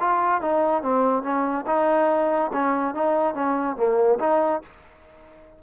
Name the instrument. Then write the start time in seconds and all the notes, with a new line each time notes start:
trombone
0.00 F4
0.41 D#4
0.82 C4
1.23 C#4
1.66 D#4
2.53 C#4
2.94 D#4
3.34 C#4
3.76 A#3
4.19 D#4